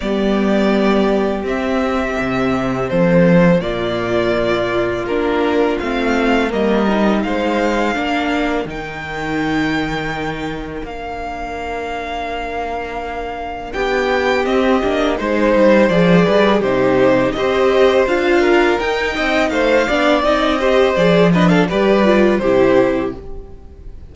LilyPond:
<<
  \new Staff \with { instrumentName = "violin" } { \time 4/4 \tempo 4 = 83 d''2 e''2 | c''4 d''2 ais'4 | f''4 dis''4 f''2 | g''2. f''4~ |
f''2. g''4 | dis''4 c''4 d''4 c''4 | dis''4 f''4 g''4 f''4 | dis''4 d''8 dis''16 f''16 d''4 c''4 | }
  \new Staff \with { instrumentName = "violin" } { \time 4/4 g'1 | a'4 f'2.~ | f'4 ais'4 c''4 ais'4~ | ais'1~ |
ais'2. g'4~ | g'4 c''4. b'8 g'4 | c''4. ais'4 dis''8 c''8 d''8~ | d''8 c''4 b'16 a'16 b'4 g'4 | }
  \new Staff \with { instrumentName = "viola" } { \time 4/4 b2 c'2~ | c'4 ais2 d'4 | c'4 ais8 dis'4. d'4 | dis'2. d'4~ |
d'1 | c'8 d'8 dis'4 gis'4 dis'4 | g'4 f'4 dis'4. d'8 | dis'8 g'8 gis'8 d'8 g'8 f'8 e'4 | }
  \new Staff \with { instrumentName = "cello" } { \time 4/4 g2 c'4 c4 | f4 ais,2 ais4 | a4 g4 gis4 ais4 | dis2. ais4~ |
ais2. b4 | c'8 ais8 gis8 g8 f8 g8 c4 | c'4 d'4 dis'8 c'8 a8 b8 | c'4 f4 g4 c4 | }
>>